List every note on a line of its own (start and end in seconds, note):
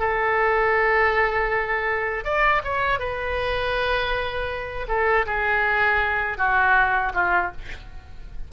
0.00 2.25 A4
2.25 2.62 D5
2.65 3.00 C#5
3.00 4.87 B4
4.88 5.26 A4
5.26 6.38 G#4
6.38 7.13 F#4
7.15 7.52 F4